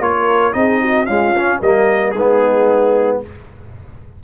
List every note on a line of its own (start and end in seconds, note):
0.00 0.53 A#3
0.00 0.53 F4
0.00 0.56 A#4
0.00 0.53 C#5
0.53 1.07 C4
0.53 1.06 D#4
0.53 0.81 G#4
0.53 1.06 D#5
0.81 1.07 F#4
1.06 1.36 G#3
1.06 1.60 C#4
1.06 1.60 F4
1.06 1.59 F5
1.37 1.63 C#4
1.60 2.15 G3
1.60 2.16 A#3
1.60 2.13 A#4
1.60 2.12 D#5
2.12 3.21 G#3
2.12 3.21 D#4
2.12 3.18 G#4
2.18 3.24 B3